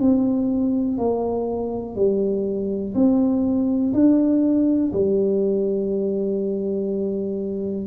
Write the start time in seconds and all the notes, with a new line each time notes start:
0.00 C4
0.98 A#3
1.96 G3
2.95 C4
3.93 D4
4.93 G3